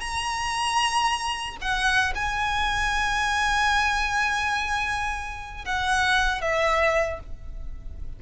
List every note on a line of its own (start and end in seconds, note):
0.00 1.57 A#5
1.61 2.13 F#5
2.15 5.65 G#5
5.65 6.41 F#5
6.41 7.20 E5